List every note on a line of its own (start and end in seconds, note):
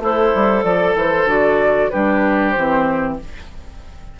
0.00 0.32 A3
0.00 0.65 E4
0.00 1.28 A4
0.00 0.64 C5
0.35 0.64 G3
0.64 0.95 F3
0.64 1.91 A4
0.64 0.95 D5
0.95 1.25 E3
0.95 1.29 C5
1.25 1.89 D3
1.25 1.91 F#4
1.25 1.90 D5
1.90 2.56 G3
1.90 2.56 D4
1.90 3.18 G4
1.90 2.51 B4
2.51 3.19 E3
2.51 3.14 C5
2.57 3.20 C4